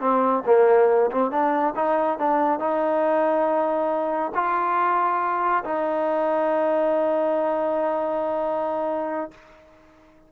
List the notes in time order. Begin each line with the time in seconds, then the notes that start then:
0.00 C4
0.46 A#3
1.10 C4
1.31 D4
1.75 D#4
2.18 D4
2.59 D#4
4.34 F4
5.64 D#4